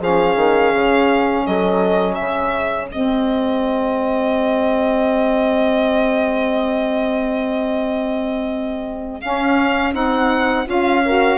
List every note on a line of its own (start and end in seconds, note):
0.00 0.36 F3
0.00 2.89 C#4
0.00 1.45 G#4
0.00 1.47 F5
0.36 0.72 D#3
0.74 1.46 C#3
1.46 2.19 F#3
1.46 2.16 A4
1.46 2.14 D#5
2.14 2.91 C#3
2.14 11.02 G#4
2.14 2.87 E5
2.91 9.23 G#3
2.91 9.21 C4
2.91 9.21 D#5
9.21 9.93 C#4
9.21 9.94 C#4
9.21 9.93 F5
9.93 10.66 C4
9.93 10.65 D#4
9.93 10.67 F#5
10.66 11.38 C#4
10.66 11.02 F4
10.66 11.38 F5
11.05 11.38 F#4
11.05 11.38 A#4